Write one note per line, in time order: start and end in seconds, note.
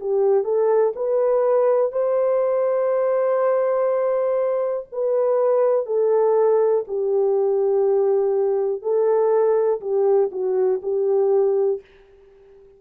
0.00 0.44 G4
0.44 0.93 A4
0.96 1.92 B4
1.92 4.87 C5
4.92 5.86 B4
5.86 6.85 A4
6.88 8.82 G4
8.82 9.80 A4
9.81 10.30 G4
10.32 10.81 F#4
10.82 11.81 G4